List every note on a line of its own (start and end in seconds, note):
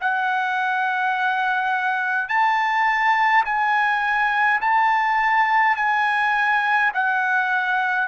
0.00 2.28 F#5
2.28 3.44 A5
3.45 4.60 G#5
4.60 5.76 A5
5.76 6.91 G#5
6.93 8.07 F#5